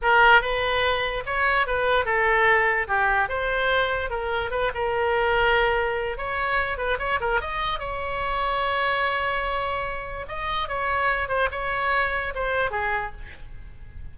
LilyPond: \new Staff \with { instrumentName = "oboe" } { \time 4/4 \tempo 4 = 146 ais'4 b'2 cis''4 | b'4 a'2 g'4 | c''2 ais'4 b'8 ais'8~ | ais'2. cis''4~ |
cis''8 b'8 cis''8 ais'8 dis''4 cis''4~ | cis''1~ | cis''4 dis''4 cis''4. c''8 | cis''2 c''4 gis'4 | }